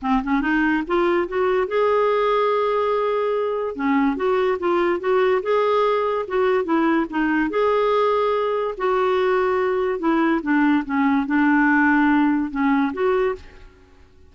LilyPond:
\new Staff \with { instrumentName = "clarinet" } { \time 4/4 \tempo 4 = 144 c'8 cis'8 dis'4 f'4 fis'4 | gis'1~ | gis'4 cis'4 fis'4 f'4 | fis'4 gis'2 fis'4 |
e'4 dis'4 gis'2~ | gis'4 fis'2. | e'4 d'4 cis'4 d'4~ | d'2 cis'4 fis'4 | }